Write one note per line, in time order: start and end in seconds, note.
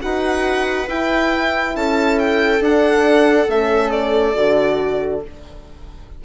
0.00 0.88 D#4
0.00 0.87 F#4
0.00 1.76 B4
0.00 0.88 F#5
0.88 1.75 E4
0.88 2.61 E4
0.88 1.76 G5
1.75 2.60 C#4
1.75 5.24 A4
1.75 2.18 A5
2.18 2.62 G5
2.60 3.47 D4
2.60 3.48 D4
2.60 3.50 F#5
3.48 4.35 A3
3.48 4.34 C#4
3.48 3.90 E5
3.90 5.20 D5
4.34 5.23 D3
4.34 5.21 F#4